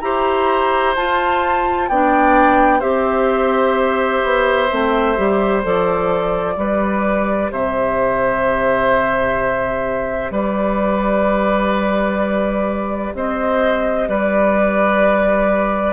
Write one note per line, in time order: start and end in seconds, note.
0.00 0.95 E4
0.00 0.96 G4
0.00 1.89 C5
0.00 0.94 A#5
0.95 1.91 F4
0.95 1.89 F4
0.95 1.89 A5
1.89 2.82 B3
1.89 2.81 D4
1.89 2.79 D5
1.89 2.80 G5
2.79 4.23 C4
2.79 4.68 G4
2.79 6.54 C5
2.79 5.62 E5
4.23 4.70 B3
4.70 5.18 A3
4.70 5.16 C4
5.16 5.65 G3
5.16 5.63 G4
5.63 6.57 F3
5.63 6.56 A4
5.63 7.52 D5
6.56 7.50 G3
6.56 15.92 G4
6.56 7.51 B4
7.51 10.30 C3
7.51 10.32 C5
7.51 10.33 E5
10.30 13.12 G3
10.30 13.13 B4
10.30 13.15 D5
13.14 14.08 C4
13.14 14.09 C5
13.14 14.09 D#5
14.08 15.92 G3
14.08 15.92 B4
14.08 15.92 D5